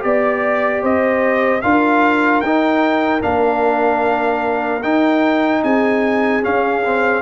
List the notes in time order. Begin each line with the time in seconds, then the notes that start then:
0.00 B3 G4 D5
0.83 C4 C5 D#5
1.62 D4 F4 A#4 F5
2.41 D#4 G5
3.21 A#3 D4 F5
4.83 D#4 G5
5.64 C4 G#4 G#5
6.43 C#4 F5
6.85 C4